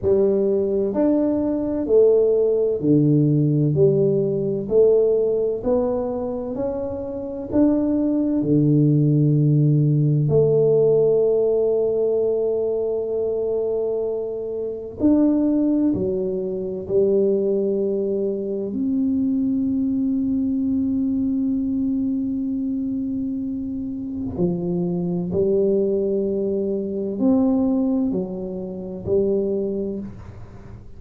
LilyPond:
\new Staff \with { instrumentName = "tuba" } { \time 4/4 \tempo 4 = 64 g4 d'4 a4 d4 | g4 a4 b4 cis'4 | d'4 d2 a4~ | a1 |
d'4 fis4 g2 | c'1~ | c'2 f4 g4~ | g4 c'4 fis4 g4 | }